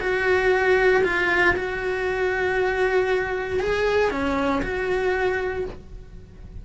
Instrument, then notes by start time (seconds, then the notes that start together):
cello
0.00 F#4
1.03 F4
1.55 F#4
3.59 G#4
4.10 C#4
4.62 F#4